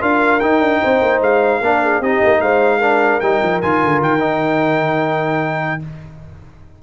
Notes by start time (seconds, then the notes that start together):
0.00 D4 F4 A#4 F5
0.39 D#4 G5
0.60 D4
0.80 C4 C5
1.01 A#3
1.20 G#3 F5
1.60 A#3 D4 A#4
1.83 G#4
2.00 C4 D#4 G4 D#5
2.24 A#3
2.41 G#3 C5 F5
2.78 D4 A#4
3.20 G3 D#4 G5
3.42 F3
3.61 D#3 F4 G#5
3.83 D3
4.01 D#3 G5
4.19 D#4